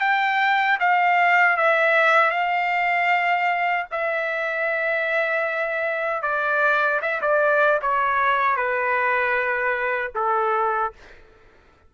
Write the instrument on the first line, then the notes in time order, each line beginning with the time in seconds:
trumpet
0.00 G5
0.79 F5
1.57 E5
2.30 F5
3.91 E5
6.22 D5
7.01 E5
7.21 D5
7.82 C#5
8.56 B4
10.15 A4